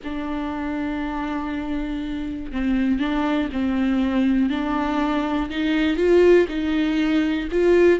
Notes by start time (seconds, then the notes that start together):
0.04 D4
2.52 C4
2.99 D4
3.52 C4
4.49 D4
5.50 D#4
5.97 F4
6.48 D#4
7.51 F4